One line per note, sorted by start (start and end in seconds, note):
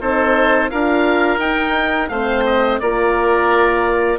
0.00 0.70 C4
0.00 0.70 D#4
0.00 0.70 A4
0.00 0.70 C5
0.70 1.37 D4
0.70 1.40 F4
0.70 2.10 A#4
0.70 1.39 F5
1.37 2.07 D#4
1.37 2.11 D#4
1.37 2.09 G5
2.09 2.79 A3
2.09 2.82 C4
2.09 2.81 C5
2.09 2.43 F5
2.45 2.80 D#5
2.80 4.18 A#3
2.80 4.18 F4
2.80 4.18 A#4
2.80 4.18 D5